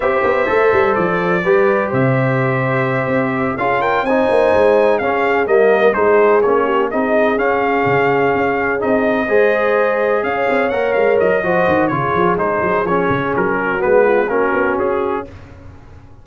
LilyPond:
<<
  \new Staff \with { instrumentName = "trumpet" } { \time 4/4 \tempo 4 = 126 e''2 d''2 | e''2.~ e''8 f''8 | g''8 gis''2 f''4 dis''8~ | dis''8 c''4 cis''4 dis''4 f''8~ |
f''2~ f''8 dis''4.~ | dis''4. f''4 fis''8 f''8 dis''8~ | dis''4 cis''4 c''4 cis''4 | ais'4 b'4 ais'4 gis'4 | }
  \new Staff \with { instrumentName = "horn" } { \time 4/4 c''2. b'4 | c''2.~ c''8 gis'8 | ais'8 c''2 gis'4 ais'8~ | ais'8 gis'4. g'8 gis'4.~ |
gis'2.~ gis'8 c''8~ | c''4. cis''2~ cis''8 | c''4 gis'2.~ | gis'8 fis'4 f'8 fis'2 | }
  \new Staff \with { instrumentName = "trombone" } { \time 4/4 g'4 a'2 g'4~ | g'2.~ g'8 f'8~ | f'8 dis'2 cis'4 ais8~ | ais8 dis'4 cis'4 dis'4 cis'8~ |
cis'2~ cis'8 dis'4 gis'8~ | gis'2~ gis'8 ais'4. | fis'4 f'4 dis'4 cis'4~ | cis'4 b4 cis'2 | }
  \new Staff \with { instrumentName = "tuba" } { \time 4/4 c'8 b8 a8 g8 f4 g4 | c2~ c8 c'4 cis'8~ | cis'8 c'8 ais8 gis4 cis'4 g8~ | g8 gis4 ais4 c'4 cis'8~ |
cis'8 cis4 cis'4 c'4 gis8~ | gis4. cis'8 c'8 ais8 gis8 fis8 | f8 dis8 cis8 f8 gis8 fis8 f8 cis8 | fis4 gis4 ais8 b8 cis'4 | }
>>